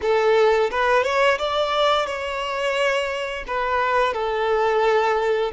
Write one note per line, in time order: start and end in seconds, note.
0.01 0.70 A4
0.71 1.03 B4
1.03 1.38 C#5
1.38 2.06 D5
2.06 3.44 C#5
3.47 4.13 B4
4.13 5.51 A4